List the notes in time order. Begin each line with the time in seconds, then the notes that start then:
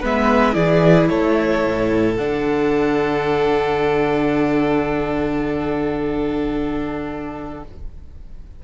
0.00 G#3 B3 B4 E5
0.52 E3 E4 G#4 D5
1.09 A3 A4 C#5
1.64 A2
2.16 D3 D4 F#5